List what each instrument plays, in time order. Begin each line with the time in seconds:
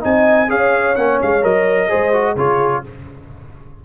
0.00 tuba C4, trombone D#4, horn D#5, trumpet G#5
0.48 tuba C#4, trombone G#4, horn C#5, trumpet F5
0.95 tuba A#3, trombone C#4, trumpet F#5
1.21 tuba G#3, trumpet F5
1.42 tuba F#3, trombone A#4, trumpet D#5
1.88 tuba G#3, trombone G#4, horn C5
2.12 trombone F#4
2.35 tuba C#3, trombone F4, horn G#4, trumpet C#5